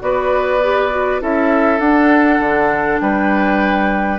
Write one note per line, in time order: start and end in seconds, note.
0.00 1.22 B3
0.00 0.60 F#4
0.00 1.22 B4
0.00 1.21 D5
0.63 0.90 G4
0.90 1.20 F#4
1.20 1.79 C#4
1.20 1.80 E4
1.20 3.02 A4
1.20 1.80 E5
1.79 2.39 D4
1.79 4.19 D4
1.79 3.00 F#5
2.40 3.00 D3
3.00 4.19 G3
3.00 4.19 B4
3.00 4.19 G5